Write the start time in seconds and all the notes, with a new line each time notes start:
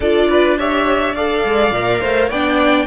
0.00 D4 F4 A4 D5
0.30 B4
0.58 G4 C#5 E5
1.15 A4 D5 F5
1.45 G#3
1.71 A#2 A#4
2.00 A3 C5
2.29 B3 D4 D5 G5